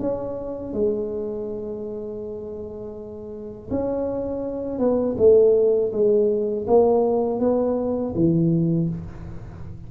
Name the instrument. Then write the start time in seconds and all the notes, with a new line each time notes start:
tuba
0.00 C#4
0.73 G#3
3.70 C#4
4.79 B3
5.18 A3
5.93 G#3
6.67 A#3
7.40 B3
8.15 E3